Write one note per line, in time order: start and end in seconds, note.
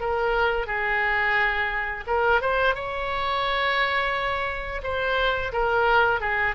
0.00 0.67 A#4
0.67 2.05 G#4
2.07 2.41 A#4
2.42 2.75 C5
2.75 4.82 C#5
4.83 5.52 C5
5.53 6.21 A#4
6.21 6.55 G#4